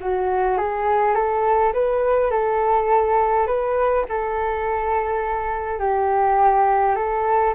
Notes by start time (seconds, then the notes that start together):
0.00 F#4
0.57 G#4
1.14 A4
1.73 B4
2.31 A4
3.47 B4
4.09 A4
5.79 G4
6.95 A4